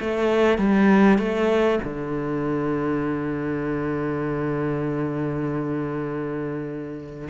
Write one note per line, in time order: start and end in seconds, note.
0.00 0.58 A3
0.58 1.18 G3
1.18 1.79 A3
1.83 7.29 D3